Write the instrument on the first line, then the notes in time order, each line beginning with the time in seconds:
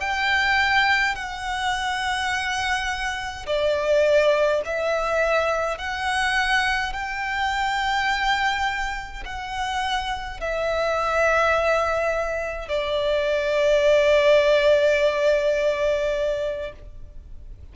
violin
0.00 G5
1.15 F#5
3.47 D5
4.65 E5
5.78 F#5
6.93 G5
9.25 F#5
10.41 E5
12.68 D5